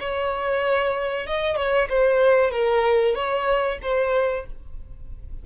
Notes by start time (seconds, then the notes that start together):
0.00 C#5
1.27 D#5
1.57 C#5
1.89 C5
2.51 A#4
3.15 C#5
3.82 C5